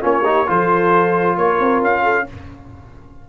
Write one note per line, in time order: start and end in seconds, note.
0.00 0.48 A#3
0.00 0.22 C#4
0.00 0.24 F4
0.00 0.49 C#5
0.24 0.46 D#4
0.24 0.47 G4
0.46 1.37 F3
0.46 2.25 F4
0.46 1.37 A4
0.46 1.37 C5
1.37 1.59 A#3
1.37 2.03 A#4
1.37 1.82 C#5
1.59 1.81 C4
1.81 2.26 C#4
1.81 2.29 F5
2.03 2.25 A4